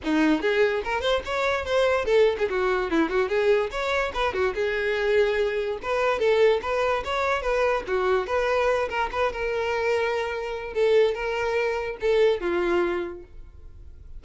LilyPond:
\new Staff \with { instrumentName = "violin" } { \time 4/4 \tempo 4 = 145 dis'4 gis'4 ais'8 c''8 cis''4 | c''4 a'8. gis'16 fis'4 e'8 fis'8 | gis'4 cis''4 b'8 fis'8 gis'4~ | gis'2 b'4 a'4 |
b'4 cis''4 b'4 fis'4 | b'4. ais'8 b'8 ais'4.~ | ais'2 a'4 ais'4~ | ais'4 a'4 f'2 | }